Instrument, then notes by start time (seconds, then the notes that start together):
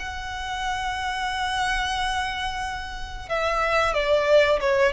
violin
0.00 F#5
3.29 E5
3.94 D5
4.61 C#5